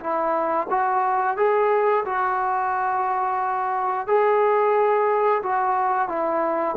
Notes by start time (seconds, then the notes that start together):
0.00 E4
0.70 F#4
1.37 G#4
2.06 F#4
4.08 G#4
5.43 F#4
6.09 E4